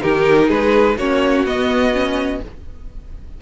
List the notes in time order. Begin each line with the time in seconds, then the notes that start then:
0.00 D#3 D#4 G4 A#4
0.48 G#3 G#4 B4
0.98 A#3 C#4 F#4 C#5
1.45 B3 D#5
1.94 C#4